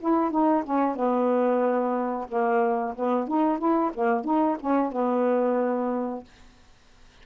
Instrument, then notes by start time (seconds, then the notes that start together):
saxophone
0.00 E4
0.31 D#4
0.64 C#4
0.96 B3
2.29 A#3
2.95 B3
3.28 D#4
3.59 E4
3.94 A#3
4.25 D#4
4.60 C#4
4.92 B3